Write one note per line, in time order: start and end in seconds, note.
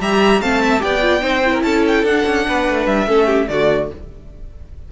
0.00 0.41 G3
0.00 0.42 G4
0.00 0.41 E5
0.00 0.42 A#5
0.41 0.82 A3
0.41 0.79 C4
0.41 0.62 F5
0.41 0.82 A5
0.62 0.82 E5
0.79 1.23 B3
0.79 1.00 G4
0.79 1.23 D5
0.79 1.63 G5
1.02 1.21 F4
1.21 1.63 C4
1.21 1.42 D#4
1.21 1.53 C5
1.45 2.07 E4
1.53 1.63 A#4
1.63 2.04 C#4
1.63 2.48 A4
1.63 1.84 A5
1.88 2.06 G5
2.04 2.24 D4
2.04 3.07 D4
2.04 2.87 F#5
2.26 2.47 C#4
2.48 2.69 B3
2.48 3.09 B4
2.69 2.87 A3
2.87 3.07 G3
2.87 3.48 E5
3.07 3.48 A3
3.07 3.48 C#4
3.07 3.27 A4
3.27 3.47 G4
3.48 3.90 D3
3.48 3.92 A3
3.48 3.92 F#4
3.48 3.89 D5